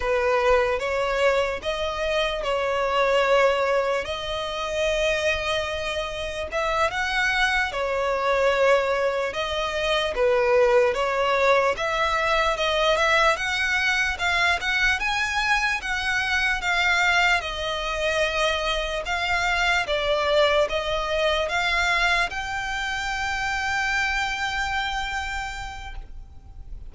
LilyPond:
\new Staff \with { instrumentName = "violin" } { \time 4/4 \tempo 4 = 74 b'4 cis''4 dis''4 cis''4~ | cis''4 dis''2. | e''8 fis''4 cis''2 dis''8~ | dis''8 b'4 cis''4 e''4 dis''8 |
e''8 fis''4 f''8 fis''8 gis''4 fis''8~ | fis''8 f''4 dis''2 f''8~ | f''8 d''4 dis''4 f''4 g''8~ | g''1 | }